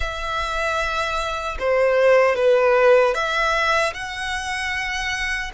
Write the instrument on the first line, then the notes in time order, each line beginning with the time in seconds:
violin
0.00 E5
1.59 C5
2.35 B4
3.14 E5
3.93 F#5